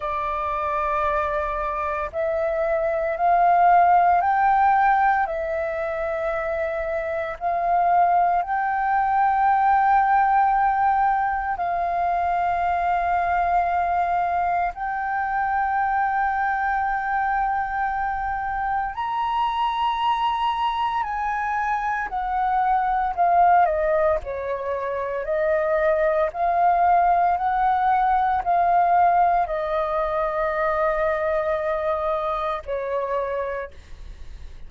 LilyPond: \new Staff \with { instrumentName = "flute" } { \time 4/4 \tempo 4 = 57 d''2 e''4 f''4 | g''4 e''2 f''4 | g''2. f''4~ | f''2 g''2~ |
g''2 ais''2 | gis''4 fis''4 f''8 dis''8 cis''4 | dis''4 f''4 fis''4 f''4 | dis''2. cis''4 | }